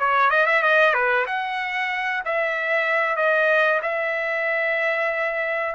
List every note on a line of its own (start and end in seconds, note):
0.00 0.31 C#5
0.31 0.47 D#5
0.47 0.63 E5
0.63 0.94 D#5
0.94 1.26 B4
1.27 2.23 F#5
2.25 3.17 E5
3.17 3.81 D#5
3.82 5.76 E5